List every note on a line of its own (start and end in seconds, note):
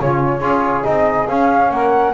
0.00 0.40 C#3
0.00 0.41 C#4
0.00 0.40 F4
0.00 0.84 C#5
0.40 0.83 C#4
0.40 0.84 F4
0.40 1.70 G#4
0.84 1.29 C4
0.84 1.27 D#4
0.84 1.27 D#5
1.28 2.14 C#4
1.28 1.71 C#4
1.28 1.71 F5
1.71 2.14 A#3
1.71 2.14 A#4
1.71 2.14 F#5